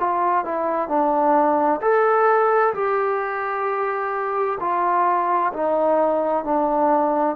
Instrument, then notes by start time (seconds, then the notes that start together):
trombone
0.00 F4
0.45 E4
0.88 D4
1.81 A4
2.74 G4
4.60 F4
5.53 D#4
6.44 D4